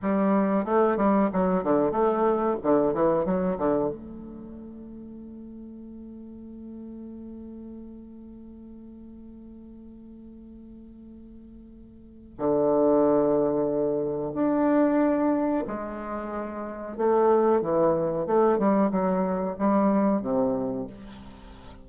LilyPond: \new Staff \with { instrumentName = "bassoon" } { \time 4/4 \tempo 4 = 92 g4 a8 g8 fis8 d8 a4 | d8 e8 fis8 d8 a2~ | a1~ | a1~ |
a2. d4~ | d2 d'2 | gis2 a4 e4 | a8 g8 fis4 g4 c4 | }